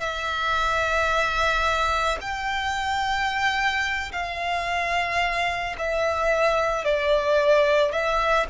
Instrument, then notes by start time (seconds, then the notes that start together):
violin
0.00 E5
2.21 G5
4.12 F5
5.78 E5
6.85 D5
7.91 E5